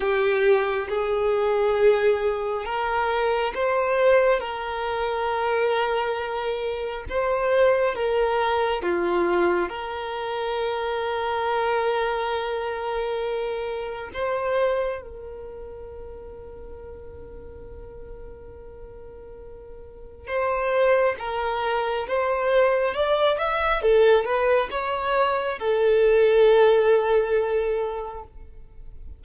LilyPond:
\new Staff \with { instrumentName = "violin" } { \time 4/4 \tempo 4 = 68 g'4 gis'2 ais'4 | c''4 ais'2. | c''4 ais'4 f'4 ais'4~ | ais'1 |
c''4 ais'2.~ | ais'2. c''4 | ais'4 c''4 d''8 e''8 a'8 b'8 | cis''4 a'2. | }